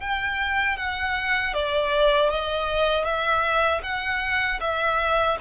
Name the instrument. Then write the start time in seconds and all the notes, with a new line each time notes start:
violin
0.00 G5
0.77 F#5
1.53 D5
2.29 D#5
3.04 E5
3.83 F#5
4.60 E5